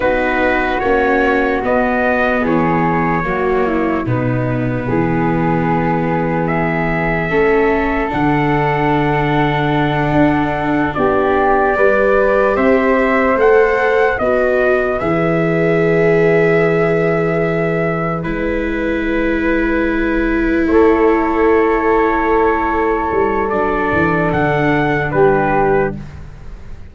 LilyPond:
<<
  \new Staff \with { instrumentName = "trumpet" } { \time 4/4 \tempo 4 = 74 b'4 cis''4 dis''4 cis''4~ | cis''4 b'2. | e''2 fis''2~ | fis''4. d''2 e''8~ |
e''8 fis''4 dis''4 e''4.~ | e''2~ e''8 b'4.~ | b'4. cis''2~ cis''8~ | cis''4 d''4 fis''4 b'4 | }
  \new Staff \with { instrumentName = "flute" } { \time 4/4 fis'2. gis'4 | fis'8 e'8 dis'4 gis'2~ | gis'4 a'2.~ | a'4. g'4 b'4 c''8~ |
c''4. b'2~ b'8~ | b'1~ | b'4. a'2~ a'8~ | a'2. g'4 | }
  \new Staff \with { instrumentName = "viola" } { \time 4/4 dis'4 cis'4 b2 | ais4 b2.~ | b4 cis'4 d'2~ | d'2~ d'8 g'4.~ |
g'8 a'4 fis'4 gis'4.~ | gis'2~ gis'8 e'4.~ | e'1~ | e'4 d'2. | }
  \new Staff \with { instrumentName = "tuba" } { \time 4/4 b4 ais4 b4 e4 | fis4 b,4 e2~ | e4 a4 d2~ | d8 d'4 b4 g4 c'8~ |
c'8 a4 b4 e4.~ | e2~ e8 gis4.~ | gis4. a2~ a8~ | a8 g8 fis8 e8 d4 g4 | }
>>